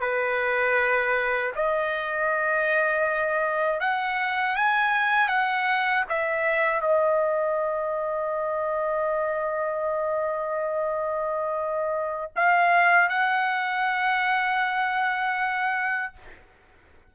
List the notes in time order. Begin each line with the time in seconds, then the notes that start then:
0.00 B4
1.55 D#5
3.80 F#5
4.55 G#5
5.28 F#5
6.09 E5
6.81 D#5
12.36 F5
13.09 F#5